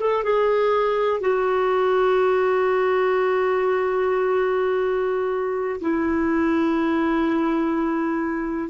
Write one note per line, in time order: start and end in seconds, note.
0.00 0.24 A4
0.24 1.21 G#4
1.21 5.80 F#4
5.81 8.70 E4